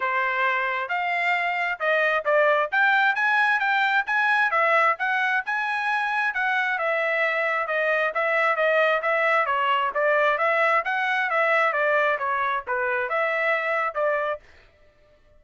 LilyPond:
\new Staff \with { instrumentName = "trumpet" } { \time 4/4 \tempo 4 = 133 c''2 f''2 | dis''4 d''4 g''4 gis''4 | g''4 gis''4 e''4 fis''4 | gis''2 fis''4 e''4~ |
e''4 dis''4 e''4 dis''4 | e''4 cis''4 d''4 e''4 | fis''4 e''4 d''4 cis''4 | b'4 e''2 d''4 | }